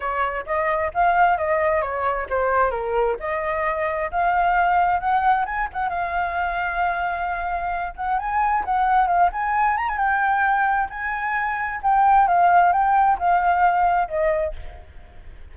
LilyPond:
\new Staff \with { instrumentName = "flute" } { \time 4/4 \tempo 4 = 132 cis''4 dis''4 f''4 dis''4 | cis''4 c''4 ais'4 dis''4~ | dis''4 f''2 fis''4 | gis''8 fis''8 f''2.~ |
f''4. fis''8 gis''4 fis''4 | f''8 gis''4 ais''16 gis''16 g''2 | gis''2 g''4 f''4 | g''4 f''2 dis''4 | }